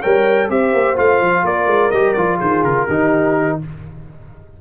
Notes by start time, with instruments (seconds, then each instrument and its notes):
0.00 tuba G3, trombone A#4, horn C#5, trumpet G5
0.49 tuba C4, trombone G4, horn C5, trumpet E5
0.73 tuba A#3
0.95 tuba A3, trombone F4, trumpet F5
1.20 tuba F3
1.43 tuba A#3, horn A#4, trumpet D5
1.66 tuba G#3
1.91 tuba G3, trombone G4, trumpet D#5
2.13 tuba F3, trombone F4, trumpet D5
2.37 tuba D#3, horn G#4, trumpet C5
2.63 tuba C#3, trumpet A#4
2.86 tuba D#3, trombone D#4, horn G4